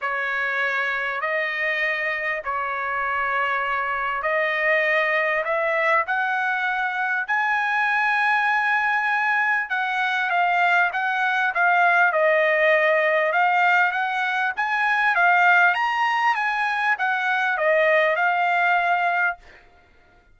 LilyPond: \new Staff \with { instrumentName = "trumpet" } { \time 4/4 \tempo 4 = 99 cis''2 dis''2 | cis''2. dis''4~ | dis''4 e''4 fis''2 | gis''1 |
fis''4 f''4 fis''4 f''4 | dis''2 f''4 fis''4 | gis''4 f''4 ais''4 gis''4 | fis''4 dis''4 f''2 | }